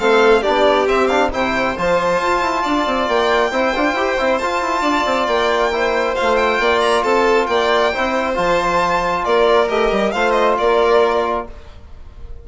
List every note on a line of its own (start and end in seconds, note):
0.00 0.45 A3
0.00 0.44 C4
0.00 0.41 A4
0.00 0.43 F5
0.41 0.87 D4
0.41 1.30 G4
0.41 0.87 D5
0.48 0.87 B3
0.87 1.31 C4
0.87 1.09 C4
0.87 1.07 E5
1.07 1.32 D4
1.07 1.30 F5
1.32 1.77 C3
1.32 1.76 E4
1.32 2.63 C5
1.32 1.78 G5
1.77 2.22 F3
1.77 3.52 F4
1.77 3.09 A5
2.22 2.41 F4
2.41 2.63 E4
2.63 2.87 D4
2.63 3.51 D5
2.87 3.08 C4
3.08 3.52 A#3
3.08 4.39 G5
3.52 3.74 C4
3.52 3.74 E4
3.52 4.83 C5
3.76 3.94 D4
3.76 3.97 F4
3.94 4.16 E4
3.94 4.19 G4
4.19 4.41 C4
4.19 4.41 E4
4.39 4.61 F4
4.39 5.72 F4
4.39 5.27 A5
4.61 4.82 E4
4.82 5.04 D4
4.82 5.71 D5
5.06 5.28 C4
5.27 6.16 A#3
5.27 6.15 G5
5.72 6.16 E4
5.72 6.62 C5
6.16 6.60 A3
6.16 7.93 F4
6.16 6.36 F5
6.36 6.81 G5
6.60 7.04 A#3
6.60 7.03 D5
6.81 7.03 A#5
7.03 7.48 C4
7.03 7.48 A4
7.03 7.47 A5
7.47 7.93 A#3
7.47 7.93 D5
7.47 8.35 G5
7.93 8.38 C4
7.93 8.35 E4
7.93 9.25 C5
8.35 9.26 F3
8.35 9.68 F4
8.35 9.25 A5
9.25 9.70 A#3
9.25 10.14 A#4
9.25 9.69 D5
9.68 9.92 A3
9.68 10.12 G4
9.68 10.12 D#5
9.92 10.14 G3
10.12 10.59 A3
10.12 11.47 F4
10.12 10.59 C5
10.12 10.32 F5
10.32 10.54 D#5
10.59 11.49 A#3
10.59 11.48 A#4
10.59 11.47 D5